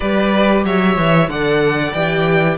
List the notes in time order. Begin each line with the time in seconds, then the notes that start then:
0.00 G3 G4 B4 D5
0.64 F#3 C#5 E5
0.97 E3
1.28 D3 A4 D5 F#5
1.92 E3 G4 G5